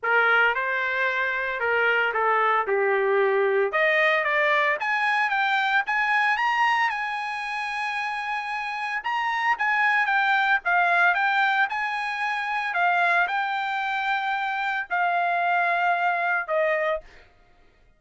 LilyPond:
\new Staff \with { instrumentName = "trumpet" } { \time 4/4 \tempo 4 = 113 ais'4 c''2 ais'4 | a'4 g'2 dis''4 | d''4 gis''4 g''4 gis''4 | ais''4 gis''2.~ |
gis''4 ais''4 gis''4 g''4 | f''4 g''4 gis''2 | f''4 g''2. | f''2. dis''4 | }